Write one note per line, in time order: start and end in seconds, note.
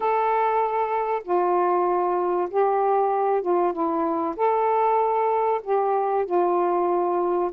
0.00 1.22 A4
1.24 2.49 F4
2.50 3.41 G4
3.41 3.72 F4
3.72 4.35 E4
4.36 5.61 A4
5.63 6.25 G4
6.25 7.50 F4